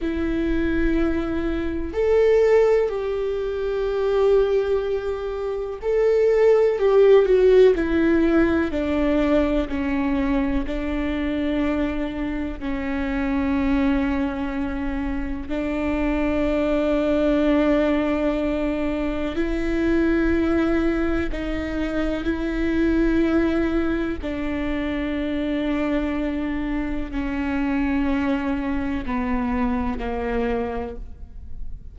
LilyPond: \new Staff \with { instrumentName = "viola" } { \time 4/4 \tempo 4 = 62 e'2 a'4 g'4~ | g'2 a'4 g'8 fis'8 | e'4 d'4 cis'4 d'4~ | d'4 cis'2. |
d'1 | e'2 dis'4 e'4~ | e'4 d'2. | cis'2 b4 ais4 | }